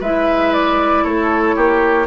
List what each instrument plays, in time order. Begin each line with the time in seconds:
0.00 bassoon G#3, clarinet E4, oboe B4, flute E5
0.53 flute D5
1.04 bassoon A3, oboe A4, flute C#5
1.56 bassoon A#3, oboe G4